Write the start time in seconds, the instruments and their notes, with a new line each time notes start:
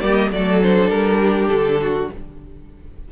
0.00 cello G3, viola A#3, violin G4 D5
0.15 violin D#5
0.31 cello F#3, viola A3, violin A4 D5
0.62 viola D4, violin C5
0.89 cello G3, violin A#4
1.20 violin G4
1.48 cello D3, violin A4
1.82 violin F#4